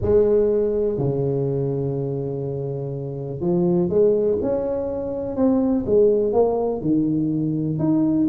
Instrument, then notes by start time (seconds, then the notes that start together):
tuba
0.01 G#3
0.98 C#3
3.40 F3
3.89 G#3
4.41 C#4
5.36 C4
5.86 G#3
6.32 A#3
6.81 D#3
7.78 D#4